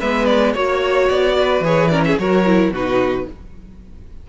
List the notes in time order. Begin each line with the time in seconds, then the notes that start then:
0.00 G#3 B3 B4 E5
0.26 D5
0.53 A#3 F#4 C#5
1.09 B3 D5
1.40 B4
1.60 E3 G#4 C#5
1.89 C#4 A#4 D5
2.05 G#4 E5
2.19 F#3 F#4 A#4 C#5
2.46 E4
2.70 B2 D#4 F#4 B4